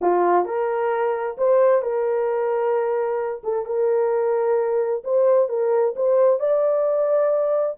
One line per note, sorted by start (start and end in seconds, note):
0.01 0.45 F4
0.45 1.36 A#4
1.37 1.82 C5
1.82 3.42 A#4
3.43 3.65 A4
3.65 5.03 A#4
5.04 5.48 C5
5.48 5.94 A#4
5.96 6.39 C5
6.39 7.77 D5